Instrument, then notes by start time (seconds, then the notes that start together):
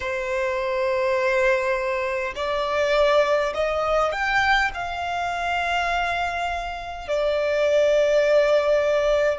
violin
0.00 C5
2.35 D5
3.54 D#5
4.12 G5
4.73 F5
7.07 D5